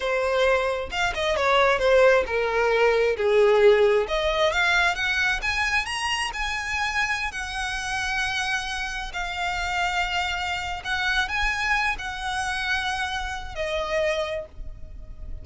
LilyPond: \new Staff \with { instrumentName = "violin" } { \time 4/4 \tempo 4 = 133 c''2 f''8 dis''8 cis''4 | c''4 ais'2 gis'4~ | gis'4 dis''4 f''4 fis''4 | gis''4 ais''4 gis''2~ |
gis''16 fis''2.~ fis''8.~ | fis''16 f''2.~ f''8. | fis''4 gis''4. fis''4.~ | fis''2 dis''2 | }